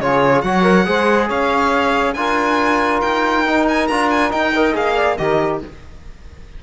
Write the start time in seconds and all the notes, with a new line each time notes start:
0.00 C#3 F4 G#4 C#5
0.42 F#3 F#4 C#5 F#5
0.62 A#4
0.85 G#3 G#4 C5
1.27 C#4 C#5 F5
2.14 D4 F4 A#4 G#5
3.01 D#4 G5
3.46 D#4
3.68 G#5
3.87 D4 F4 A#5
4.10 G#5
4.30 D#4 G5
4.54 A#4 D#5
4.74 A#3 G#4 F5
4.95 D5
5.17 D#3 G4 A#4 D#5